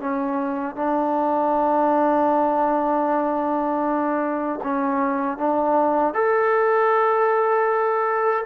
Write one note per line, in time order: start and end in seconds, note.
0.00 0.76 C#4
0.76 4.60 D4
4.63 5.38 C#4
5.38 6.14 D4
6.14 8.45 A4